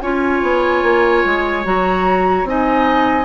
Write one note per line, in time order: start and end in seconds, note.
0.00 0.42 C#4
0.00 1.64 F4
0.00 2.49 C#5
0.00 1.64 G#5
0.42 0.82 B3
0.82 1.23 A#3
1.25 1.65 G#3
1.64 2.44 F#3
1.64 2.46 F#4
1.64 2.48 A#5
2.44 3.25 C4
2.44 3.25 D#4
2.44 3.25 D#5
2.44 3.25 G#5